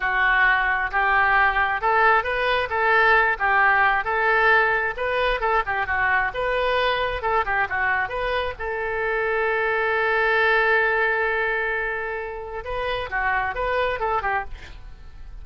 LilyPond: \new Staff \with { instrumentName = "oboe" } { \time 4/4 \tempo 4 = 133 fis'2 g'2 | a'4 b'4 a'4. g'8~ | g'4 a'2 b'4 | a'8 g'8 fis'4 b'2 |
a'8 g'8 fis'4 b'4 a'4~ | a'1~ | a'1 | b'4 fis'4 b'4 a'8 g'8 | }